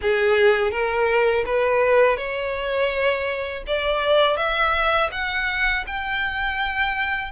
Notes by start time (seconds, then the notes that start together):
0.01 G#4
0.71 A#4
1.45 B4
2.17 C#5
3.67 D5
4.37 E5
5.11 F#5
5.86 G5